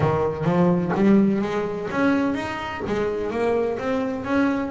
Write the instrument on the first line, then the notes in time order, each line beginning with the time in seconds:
double bass
0.00 D#3
0.44 F3
0.94 G3
1.41 G#3
1.91 C#4
2.34 D#4
2.86 G#3
3.30 A#3
3.78 C4
4.24 C#4